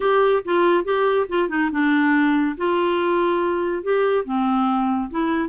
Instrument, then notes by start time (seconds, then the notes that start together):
clarinet
0.00 G4
0.44 F4
0.84 G4
1.28 F4
1.49 D#4
1.71 D4
2.57 F4
3.83 G4
4.25 C4
5.10 E4